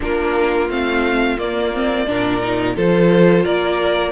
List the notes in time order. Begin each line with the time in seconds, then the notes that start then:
0.00 A#3 D4 F4 A#4
0.69 A3 C4 F5
1.37 A#3 D5
1.74 C4
2.06 A#2 D4 A#4
2.42 D#4
2.75 F3 F4 A4 C5
3.44 A#3 A#4 D5